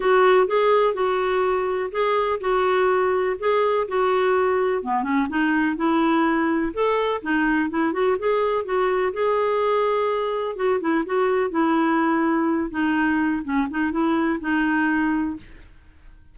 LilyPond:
\new Staff \with { instrumentName = "clarinet" } { \time 4/4 \tempo 4 = 125 fis'4 gis'4 fis'2 | gis'4 fis'2 gis'4 | fis'2 b8 cis'8 dis'4 | e'2 a'4 dis'4 |
e'8 fis'8 gis'4 fis'4 gis'4~ | gis'2 fis'8 e'8 fis'4 | e'2~ e'8 dis'4. | cis'8 dis'8 e'4 dis'2 | }